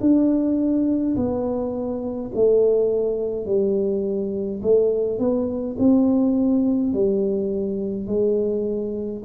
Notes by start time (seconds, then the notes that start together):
0.00 D4
1.15 B3
2.34 A3
3.46 G3
4.62 A3
5.19 B3
5.78 C4
6.93 G3
8.07 G#3